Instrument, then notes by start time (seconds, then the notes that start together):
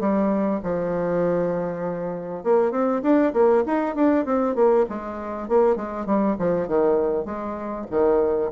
bassoon
0.00 G3
0.63 F3
2.44 A#3
2.71 C4
3.02 D4
3.33 A#3
3.66 D#4
3.95 D4
4.25 C4
4.55 A#3
4.89 G#3
5.48 A#3
5.76 G#3
6.06 G3
6.39 F3
6.68 D#3
7.25 G#3
7.91 D#3